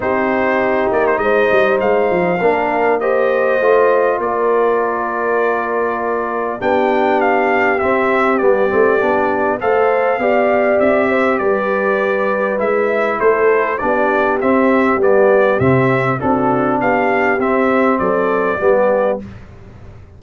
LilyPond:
<<
  \new Staff \with { instrumentName = "trumpet" } { \time 4/4 \tempo 4 = 100 c''4. d''16 c''16 dis''4 f''4~ | f''4 dis''2 d''4~ | d''2. g''4 | f''4 e''4 d''2 |
f''2 e''4 d''4~ | d''4 e''4 c''4 d''4 | e''4 d''4 e''4 a'4 | f''4 e''4 d''2 | }
  \new Staff \with { instrumentName = "horn" } { \time 4/4 g'2 c''2 | ais'4 c''2 ais'4~ | ais'2. g'4~ | g'1 |
c''4 d''4. c''8 b'4~ | b'2 a'4 g'4~ | g'2. fis'4 | g'2 a'4 g'4 | }
  \new Staff \with { instrumentName = "trombone" } { \time 4/4 dis'1 | d'4 g'4 f'2~ | f'2. d'4~ | d'4 c'4 b8 c'8 d'4 |
a'4 g'2.~ | g'4 e'2 d'4 | c'4 b4 c'4 d'4~ | d'4 c'2 b4 | }
  \new Staff \with { instrumentName = "tuba" } { \time 4/4 c'4. ais8 gis8 g8 gis8 f8 | ais2 a4 ais4~ | ais2. b4~ | b4 c'4 g8 a8 b4 |
a4 b4 c'4 g4~ | g4 gis4 a4 b4 | c'4 g4 c4 c'4 | b4 c'4 fis4 g4 | }
>>